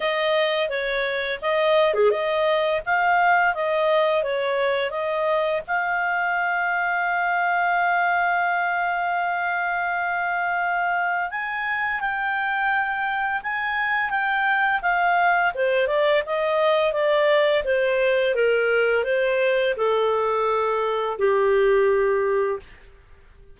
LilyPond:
\new Staff \with { instrumentName = "clarinet" } { \time 4/4 \tempo 4 = 85 dis''4 cis''4 dis''8. gis'16 dis''4 | f''4 dis''4 cis''4 dis''4 | f''1~ | f''1 |
gis''4 g''2 gis''4 | g''4 f''4 c''8 d''8 dis''4 | d''4 c''4 ais'4 c''4 | a'2 g'2 | }